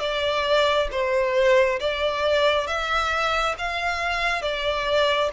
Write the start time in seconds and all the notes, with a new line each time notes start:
0.00 D5
0.91 C5
1.80 D5
2.67 E5
3.58 F5
4.42 D5